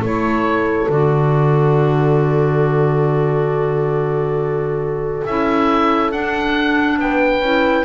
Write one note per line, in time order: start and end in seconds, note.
0.00 0.87 A3
0.00 0.91 E4
0.00 6.98 A4
0.00 0.91 C#5
0.88 5.23 D3
0.88 5.25 F#4
0.88 5.25 D5
5.25 6.12 C#4
5.25 6.12 E4
5.25 6.12 E5
6.12 6.98 D4
6.12 7.43 D4
6.12 6.99 F#5
6.98 7.40 B3
6.98 7.85 B4
6.98 7.85 G5
7.40 7.83 C#4
7.40 7.85 E4